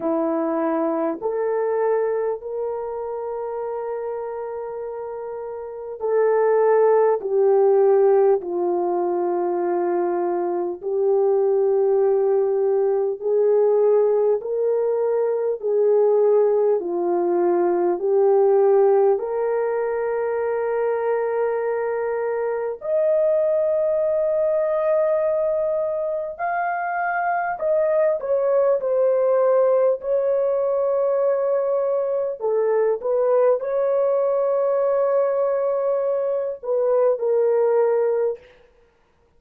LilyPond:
\new Staff \with { instrumentName = "horn" } { \time 4/4 \tempo 4 = 50 e'4 a'4 ais'2~ | ais'4 a'4 g'4 f'4~ | f'4 g'2 gis'4 | ais'4 gis'4 f'4 g'4 |
ais'2. dis''4~ | dis''2 f''4 dis''8 cis''8 | c''4 cis''2 a'8 b'8 | cis''2~ cis''8 b'8 ais'4 | }